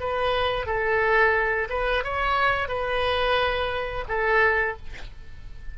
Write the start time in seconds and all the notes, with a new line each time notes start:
0.00 B4
0.66 A4
1.70 B4
2.04 C#5
2.68 B4
4.08 A4